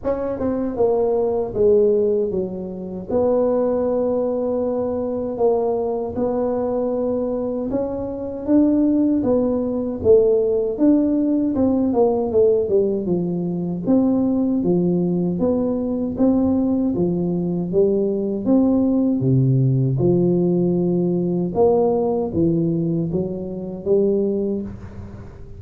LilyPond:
\new Staff \with { instrumentName = "tuba" } { \time 4/4 \tempo 4 = 78 cis'8 c'8 ais4 gis4 fis4 | b2. ais4 | b2 cis'4 d'4 | b4 a4 d'4 c'8 ais8 |
a8 g8 f4 c'4 f4 | b4 c'4 f4 g4 | c'4 c4 f2 | ais4 e4 fis4 g4 | }